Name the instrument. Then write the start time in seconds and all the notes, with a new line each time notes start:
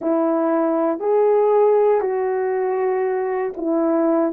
horn
0.01 E4
0.99 G#4
2.00 F#4
3.56 E4